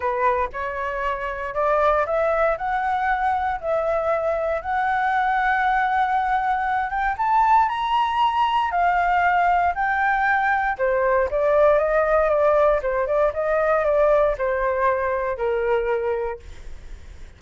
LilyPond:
\new Staff \with { instrumentName = "flute" } { \time 4/4 \tempo 4 = 117 b'4 cis''2 d''4 | e''4 fis''2 e''4~ | e''4 fis''2.~ | fis''4. g''8 a''4 ais''4~ |
ais''4 f''2 g''4~ | g''4 c''4 d''4 dis''4 | d''4 c''8 d''8 dis''4 d''4 | c''2 ais'2 | }